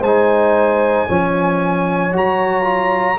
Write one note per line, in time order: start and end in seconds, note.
0.00 1.05 G#3
0.00 1.05 C5
0.00 2.13 G#5
0.06 1.08 D#4
1.08 2.14 F3
1.08 2.12 C#4
1.08 3.19 C#5
2.12 3.19 F#3
2.12 2.63 F#4
2.12 3.19 A#5
2.63 3.16 F4